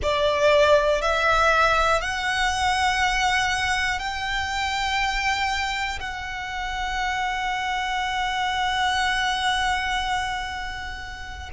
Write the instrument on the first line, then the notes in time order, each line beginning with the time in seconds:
violin
0.02 D5
1.01 E5
2.01 F#5
3.99 G5
6.00 F#5